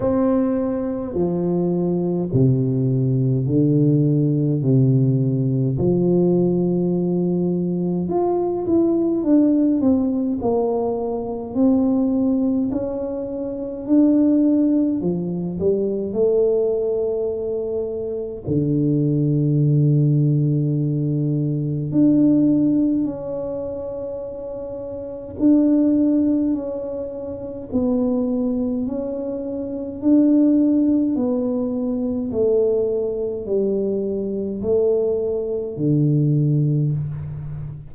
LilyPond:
\new Staff \with { instrumentName = "tuba" } { \time 4/4 \tempo 4 = 52 c'4 f4 c4 d4 | c4 f2 f'8 e'8 | d'8 c'8 ais4 c'4 cis'4 | d'4 f8 g8 a2 |
d2. d'4 | cis'2 d'4 cis'4 | b4 cis'4 d'4 b4 | a4 g4 a4 d4 | }